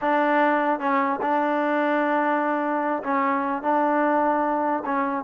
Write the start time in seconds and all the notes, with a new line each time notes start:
0.01 D4
0.79 C#4
1.21 D4
3.03 C#4
3.62 D4
4.85 C#4